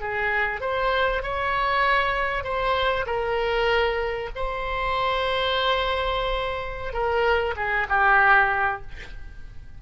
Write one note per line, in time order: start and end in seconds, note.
0.00 0.60 G#4
0.60 1.22 C5
1.22 2.43 C#5
2.43 3.05 C5
3.06 4.30 A#4
4.35 6.93 C5
6.93 7.55 A#4
7.56 7.87 G#4
7.89 8.82 G4